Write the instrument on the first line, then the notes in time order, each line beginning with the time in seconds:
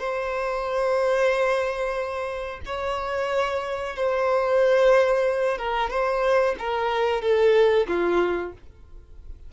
violin
0.00 C5
2.66 C#5
3.96 C5
5.58 A#4
5.90 C5
6.59 A#4
7.22 A4
7.88 F4